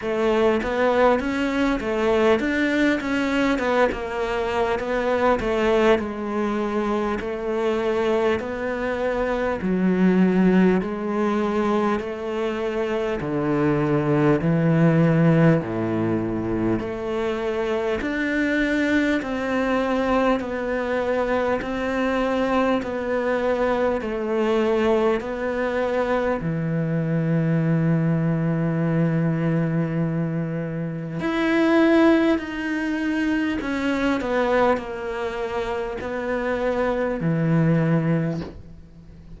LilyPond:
\new Staff \with { instrumentName = "cello" } { \time 4/4 \tempo 4 = 50 a8 b8 cis'8 a8 d'8 cis'8 b16 ais8. | b8 a8 gis4 a4 b4 | fis4 gis4 a4 d4 | e4 a,4 a4 d'4 |
c'4 b4 c'4 b4 | a4 b4 e2~ | e2 e'4 dis'4 | cis'8 b8 ais4 b4 e4 | }